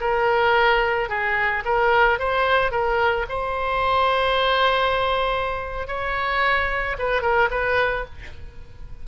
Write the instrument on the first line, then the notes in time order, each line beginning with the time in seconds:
oboe
0.00 A#4
1.09 G#4
1.65 A#4
2.19 C5
2.71 A#4
3.29 C5
5.87 C#5
6.98 B4
7.21 A#4
7.50 B4